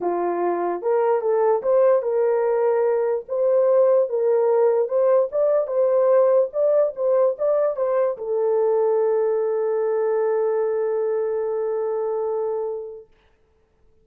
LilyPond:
\new Staff \with { instrumentName = "horn" } { \time 4/4 \tempo 4 = 147 f'2 ais'4 a'4 | c''4 ais'2. | c''2 ais'2 | c''4 d''4 c''2 |
d''4 c''4 d''4 c''4 | a'1~ | a'1~ | a'1 | }